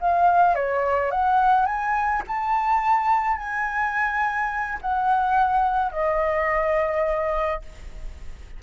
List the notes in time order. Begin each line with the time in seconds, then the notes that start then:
0.00 F5
0.55 C#5
1.10 F#5
1.65 G#5
2.27 A5
3.37 G#5
4.81 F#5
5.92 D#5